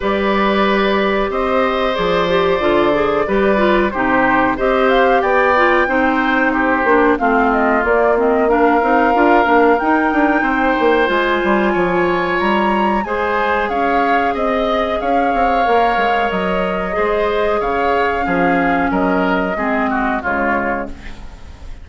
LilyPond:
<<
  \new Staff \with { instrumentName = "flute" } { \time 4/4 \tempo 4 = 92 d''2 dis''4 d''4~ | d''2 c''4 dis''8 f''8 | g''2 c''4 f''8 dis''8 | d''8 dis''8 f''2 g''4~ |
g''4 gis''2 ais''4 | gis''4 f''4 dis''4 f''4~ | f''4 dis''2 f''4~ | f''4 dis''2 cis''4 | }
  \new Staff \with { instrumentName = "oboe" } { \time 4/4 b'2 c''2~ | c''4 b'4 g'4 c''4 | d''4 c''4 g'4 f'4~ | f'4 ais'2. |
c''2 cis''2 | c''4 cis''4 dis''4 cis''4~ | cis''2 c''4 cis''4 | gis'4 ais'4 gis'8 fis'8 f'4 | }
  \new Staff \with { instrumentName = "clarinet" } { \time 4/4 g'2. gis'8 g'8 | f'8 gis'8 g'8 f'8 dis'4 g'4~ | g'8 f'8 dis'4. d'8 c'4 | ais8 c'8 d'8 dis'8 f'8 d'8 dis'4~ |
dis'4 f'2. | gis'1 | ais'2 gis'2 | cis'2 c'4 gis4 | }
  \new Staff \with { instrumentName = "bassoon" } { \time 4/4 g2 c'4 f4 | d4 g4 c4 c'4 | b4 c'4. ais8 a4 | ais4. c'8 d'8 ais8 dis'8 d'8 |
c'8 ais8 gis8 g8 f4 g4 | gis4 cis'4 c'4 cis'8 c'8 | ais8 gis8 fis4 gis4 cis4 | f4 fis4 gis4 cis4 | }
>>